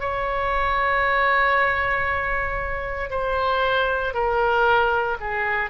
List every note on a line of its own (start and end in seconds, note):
0.00 3.10 C#5
3.10 4.14 C5
4.14 5.18 A#4
5.21 5.70 G#4